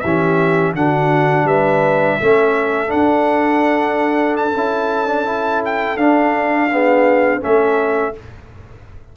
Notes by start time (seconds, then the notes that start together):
0.00 E3 C#4 G4 E5
0.74 D3 D4 F#4 F#5
1.44 G3 B4 E5
2.20 A3 C#4 A4
2.87 D4 F#5
2.93 D4
4.36 A5
4.54 C#4 E4
5.06 D4
5.25 E4
5.65 G5
5.97 D4 F5
6.72 B3 G#4
7.40 A3 C#4 A4 E5